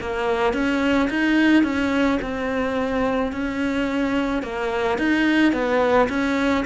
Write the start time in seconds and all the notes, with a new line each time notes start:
0.00 A#3
0.53 C#4
1.09 D#4
1.63 C#4
2.21 C4
3.32 C#4
4.42 A#3
4.98 D#4
5.52 B3
6.09 C#4